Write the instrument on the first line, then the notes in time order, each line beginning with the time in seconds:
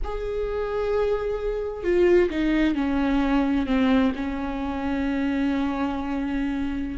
viola
0.04 G#4
1.83 F4
2.29 D#4
2.75 C#4
3.66 C4
4.15 C#4